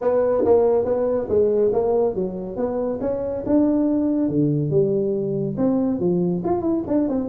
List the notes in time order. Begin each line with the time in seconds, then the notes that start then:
0.01 B3
0.44 A#3
0.85 B3
1.28 G#3
1.72 A#3
2.14 F#3
2.56 B3
3.00 C#4
3.46 D4
4.28 D3
4.70 G3
5.57 C4
5.99 F3
6.44 F4
6.61 E4
6.87 D4
7.08 C4